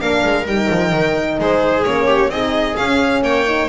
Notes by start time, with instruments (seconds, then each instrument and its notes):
0.00 double bass A#3, horn D4, viola A#4, violin F5
0.24 double bass G#3
0.46 double bass G3, horn D#4, violin G5
0.70 double bass F3
0.92 double bass D#3
1.39 double bass G#3, viola G#4, violin C5
1.84 double bass A#3, horn C#4, violin C#5
2.07 viola G4
2.29 double bass C4, horn D#4, viola G#4, violin D#5
2.76 double bass C#4, horn C#4, violin F5
3.22 double bass A#3, viola C#5, violin G5
3.46 horn D#4